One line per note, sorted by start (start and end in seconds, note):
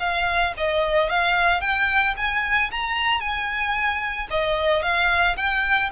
0.00 0.54 F5
0.57 1.10 D#5
1.10 1.61 F5
1.61 2.15 G5
2.17 2.71 G#5
2.72 3.21 A#5
3.21 4.28 G#5
4.31 4.83 D#5
4.83 5.36 F5
5.37 5.91 G5